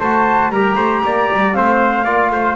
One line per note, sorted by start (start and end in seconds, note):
0.00 0.49 A3
0.00 0.54 F#4
0.00 0.52 C5
0.00 0.51 A5
0.49 0.75 G3
0.49 1.54 G4
0.49 0.76 A#4
0.49 1.54 A#5
0.76 1.03 A3
0.76 1.01 C5
1.05 1.30 A#3
1.05 1.56 D5
1.34 1.57 G3
1.54 2.05 A3
1.54 2.05 C4
1.54 2.05 C5
1.54 2.56 F5
2.05 2.31 A#3
2.05 2.56 F4
2.05 2.30 D5
2.31 2.56 A3
2.31 2.56 C5